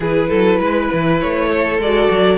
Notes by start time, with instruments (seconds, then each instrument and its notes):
0.00 cello E3, viola E4, violin G#4 B4
0.29 cello F#3, violin A4
0.59 cello G#3, violin B4
0.92 cello E3
1.20 cello A3, violin C#5
1.48 violin A4
1.78 cello G#3, viola F#4, violin D5
2.10 cello F#3